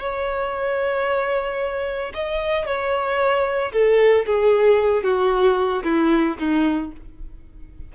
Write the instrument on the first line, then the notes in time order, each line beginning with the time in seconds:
violin
0.00 C#5
2.14 D#5
2.66 C#5
3.72 A4
4.26 G#4
5.03 F#4
5.84 E4
6.39 D#4